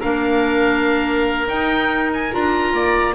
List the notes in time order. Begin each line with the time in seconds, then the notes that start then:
0.00 A#3 D4 A#4 F5
1.48 D#4 G5
2.14 G#5
2.32 D4 F4 A#5
2.73 A#3 D5